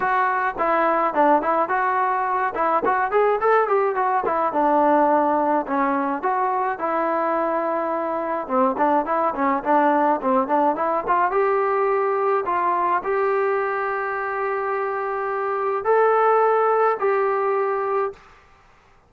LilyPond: \new Staff \with { instrumentName = "trombone" } { \time 4/4 \tempo 4 = 106 fis'4 e'4 d'8 e'8 fis'4~ | fis'8 e'8 fis'8 gis'8 a'8 g'8 fis'8 e'8 | d'2 cis'4 fis'4 | e'2. c'8 d'8 |
e'8 cis'8 d'4 c'8 d'8 e'8 f'8 | g'2 f'4 g'4~ | g'1 | a'2 g'2 | }